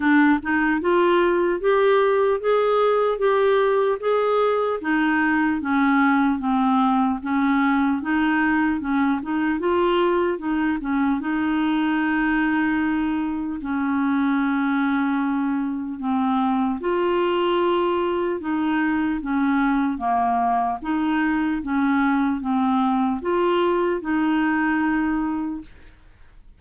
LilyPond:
\new Staff \with { instrumentName = "clarinet" } { \time 4/4 \tempo 4 = 75 d'8 dis'8 f'4 g'4 gis'4 | g'4 gis'4 dis'4 cis'4 | c'4 cis'4 dis'4 cis'8 dis'8 | f'4 dis'8 cis'8 dis'2~ |
dis'4 cis'2. | c'4 f'2 dis'4 | cis'4 ais4 dis'4 cis'4 | c'4 f'4 dis'2 | }